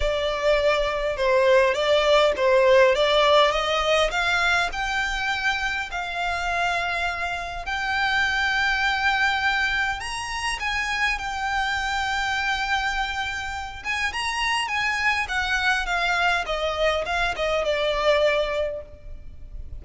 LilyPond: \new Staff \with { instrumentName = "violin" } { \time 4/4 \tempo 4 = 102 d''2 c''4 d''4 | c''4 d''4 dis''4 f''4 | g''2 f''2~ | f''4 g''2.~ |
g''4 ais''4 gis''4 g''4~ | g''2.~ g''8 gis''8 | ais''4 gis''4 fis''4 f''4 | dis''4 f''8 dis''8 d''2 | }